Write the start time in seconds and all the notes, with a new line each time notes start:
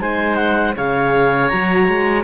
0.00 G#3 D#4 C5 G#5
0.35 F#5
0.75 C#3 G#4 C#5 F5
1.49 F#3 F#4 A#5
1.88 G#3